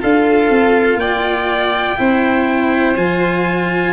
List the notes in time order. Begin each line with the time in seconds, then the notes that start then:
0.00 D4 F4 A4 F5
0.50 C4
0.95 A#3 D5 G5
1.97 C4 E4 C5
2.97 F3 F4 G#5